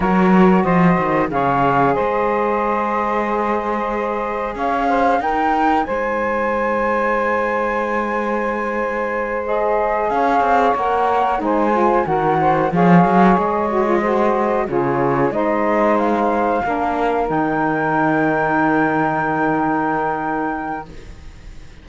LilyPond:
<<
  \new Staff \with { instrumentName = "flute" } { \time 4/4 \tempo 4 = 92 cis''4 dis''4 f''4 dis''4~ | dis''2. f''4 | g''4 gis''2.~ | gis''2~ gis''8 dis''4 f''8~ |
f''8 fis''4 gis''4 fis''4 f''8~ | f''8 dis''2 cis''4 dis''8~ | dis''8 f''2 g''4.~ | g''1 | }
  \new Staff \with { instrumentName = "saxophone" } { \time 4/4 ais'4 c''4 cis''4 c''4~ | c''2. cis''8 c''8 | ais'4 c''2.~ | c''2.~ c''8 cis''8~ |
cis''4. c''4 ais'8 c''8 cis''8~ | cis''4. c''4 gis'4 c''8~ | c''4. ais'2~ ais'8~ | ais'1 | }
  \new Staff \with { instrumentName = "saxophone" } { \time 4/4 fis'2 gis'2~ | gis'1 | dis'1~ | dis'2~ dis'8 gis'4.~ |
gis'8 ais'4 dis'8 f'8 fis'4 gis'8~ | gis'4 fis'16 f'16 fis'4 f'4 dis'8~ | dis'4. d'4 dis'4.~ | dis'1 | }
  \new Staff \with { instrumentName = "cello" } { \time 4/4 fis4 f8 dis8 cis4 gis4~ | gis2. cis'4 | dis'4 gis2.~ | gis2.~ gis8 cis'8 |
c'8 ais4 gis4 dis4 f8 | fis8 gis2 cis4 gis8~ | gis4. ais4 dis4.~ | dis1 | }
>>